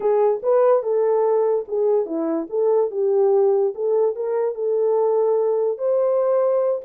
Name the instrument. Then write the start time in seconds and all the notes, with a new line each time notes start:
horn
0.00 G#4
0.42 B4
0.82 A4
1.68 G#4
2.06 E4
2.49 A4
2.90 G4
3.74 A4
4.15 A#4
4.54 A4
5.77 C5